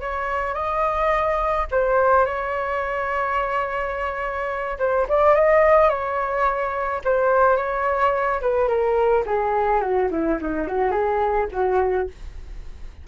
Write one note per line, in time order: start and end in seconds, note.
0.00 0.54 C#5
0.54 1.66 D#5
1.71 2.25 C5
2.25 4.77 C#5
4.78 5.06 C5
5.08 5.34 D5
5.34 5.89 D#5
5.89 7.01 C#5
7.04 7.56 C5
7.56 8.40 C#5
8.41 8.67 B4
8.67 9.23 A#4
9.25 9.81 G#4
9.81 10.09 F#4
10.10 10.38 E4
10.41 10.67 D#4
10.67 10.91 F#4
10.91 11.47 G#4
11.51 12.07 F#4